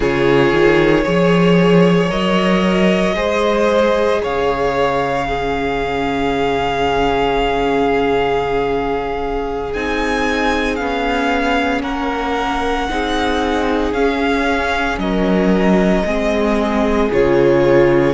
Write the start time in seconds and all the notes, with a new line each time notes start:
0.00 C#3 F4 G#4 C#5
0.52 D#3
1.04 F3 G#4 C#5
2.08 F#3 A#4 D#5
3.14 G#3 G#4 C5
4.22 C#3 C#5 F5
5.28 C#4 G#4
9.73 C4 D#4 G#5
10.76 B3 C#4 F5
11.82 A#3 A#4 F#5
12.89 C4 D#4 G#4
13.93 C#4 F5
14.98 F#3 A#4 D#5
16.04 G#3 C4 G#4
17.11 C#3 F4 C#5